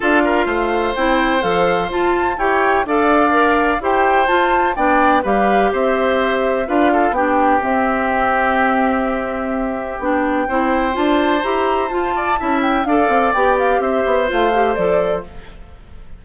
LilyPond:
<<
  \new Staff \with { instrumentName = "flute" } { \time 4/4 \tempo 4 = 126 f''2 g''4 f''4 | a''4 g''4 f''2 | g''4 a''4 g''4 f''4 | e''2 f''4 g''4 |
e''1~ | e''4 g''2 a''4 | ais''4 a''4. g''8 f''4 | g''8 f''8 e''4 f''4 d''4 | }
  \new Staff \with { instrumentName = "oboe" } { \time 4/4 a'8 ais'8 c''2.~ | c''4 cis''4 d''2 | c''2 d''4 b'4 | c''2 b'8 a'8 g'4~ |
g'1~ | g'2 c''2~ | c''4. d''8 e''4 d''4~ | d''4 c''2. | }
  \new Staff \with { instrumentName = "clarinet" } { \time 4/4 f'2 e'4 a'4 | f'4 g'4 a'4 ais'4 | g'4 f'4 d'4 g'4~ | g'2 f'4 d'4 |
c'1~ | c'4 d'4 e'4 f'4 | g'4 f'4 e'4 a'4 | g'2 f'8 g'8 a'4 | }
  \new Staff \with { instrumentName = "bassoon" } { \time 4/4 d'4 a4 c'4 f4 | f'4 e'4 d'2 | e'4 f'4 b4 g4 | c'2 d'4 b4 |
c'1~ | c'4 b4 c'4 d'4 | e'4 f'4 cis'4 d'8 c'8 | b4 c'8 b8 a4 f4 | }
>>